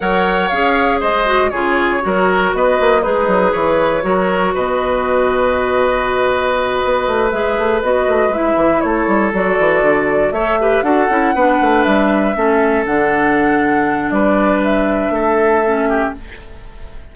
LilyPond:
<<
  \new Staff \with { instrumentName = "flute" } { \time 4/4 \tempo 4 = 119 fis''4 f''4 dis''4 cis''4~ | cis''4 dis''4 b'4 cis''4~ | cis''4 dis''2.~ | dis''2~ dis''8 e''4 dis''8~ |
dis''8 e''4 cis''4 d''4.~ | d''8 e''4 fis''2 e''8~ | e''4. fis''2~ fis''8 | d''4 e''2. | }
  \new Staff \with { instrumentName = "oboe" } { \time 4/4 cis''2 c''4 gis'4 | ais'4 b'4 dis'4 b'4 | ais'4 b'2.~ | b'1~ |
b'4. a'2~ a'8~ | a'8 cis''8 b'8 a'4 b'4.~ | b'8 a'2.~ a'8 | b'2 a'4. g'8 | }
  \new Staff \with { instrumentName = "clarinet" } { \time 4/4 ais'4 gis'4. fis'8 f'4 | fis'2 gis'2 | fis'1~ | fis'2~ fis'8 gis'4 fis'8~ |
fis'8 e'2 fis'4.~ | fis'8 a'8 g'8 fis'8 e'8 d'4.~ | d'8 cis'4 d'2~ d'8~ | d'2. cis'4 | }
  \new Staff \with { instrumentName = "bassoon" } { \time 4/4 fis4 cis'4 gis4 cis4 | fis4 b8 ais8 gis8 fis8 e4 | fis4 b,2.~ | b,4. b8 a8 gis8 a8 b8 |
a8 gis8 e8 a8 g8 fis8 e8 d8~ | d8 a4 d'8 cis'8 b8 a8 g8~ | g8 a4 d2~ d8 | g2 a2 | }
>>